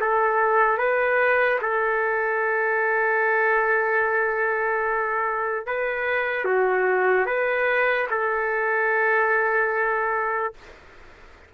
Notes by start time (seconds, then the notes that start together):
0.00 A4
0.77 B4
1.61 A4
5.66 B4
6.45 F#4
7.26 B4
8.10 A4